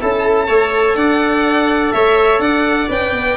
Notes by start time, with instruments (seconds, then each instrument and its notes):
0.00 tuba C#4, trombone E4, viola A4, violin A5
0.48 tuba A3, trombone A4, viola C#5
0.96 tuba D4, viola D5, violin F#5
1.92 tuba A3, viola C#5, violin E5
2.40 tuba D4, viola D5, violin F#5
2.89 tuba C#4, trombone B4, violin G5
3.13 tuba B3